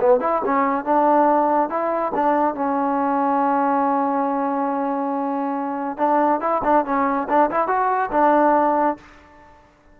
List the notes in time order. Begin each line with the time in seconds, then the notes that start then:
0.00 B3
0.20 E4
0.45 C#4
0.84 D4
1.69 E4
2.14 D4
2.55 C#4
5.97 D4
6.40 E4
6.64 D4
6.85 C#4
7.29 D4
7.50 E4
7.67 F#4
8.11 D4